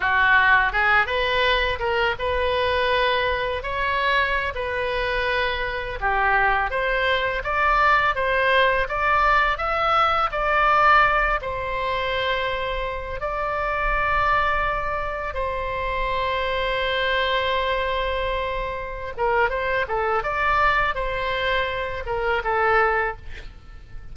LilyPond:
\new Staff \with { instrumentName = "oboe" } { \time 4/4 \tempo 4 = 83 fis'4 gis'8 b'4 ais'8 b'4~ | b'4 cis''4~ cis''16 b'4.~ b'16~ | b'16 g'4 c''4 d''4 c''8.~ | c''16 d''4 e''4 d''4. c''16~ |
c''2~ c''16 d''4.~ d''16~ | d''4~ d''16 c''2~ c''8.~ | c''2~ c''8 ais'8 c''8 a'8 | d''4 c''4. ais'8 a'4 | }